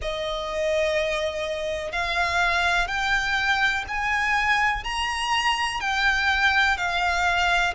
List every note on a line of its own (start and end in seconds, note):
0.01 1.92 D#5
1.92 2.87 F5
2.87 3.84 G5
3.88 4.83 G#5
4.83 5.80 A#5
5.80 6.77 G5
6.77 7.74 F5